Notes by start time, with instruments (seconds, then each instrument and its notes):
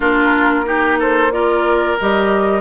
0.00 bassoon A#3, clarinet D4, oboe F4, flute A#4
0.64 clarinet D#4, oboe G4
0.99 oboe A4, flute C5
1.31 clarinet F4, oboe A#4, flute D5
2.00 bassoon G3, clarinet G4, flute D#5